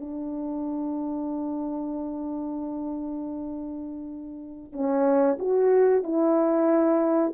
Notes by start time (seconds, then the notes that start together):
0.00 D4
4.72 C#4
5.39 F#4
6.03 E4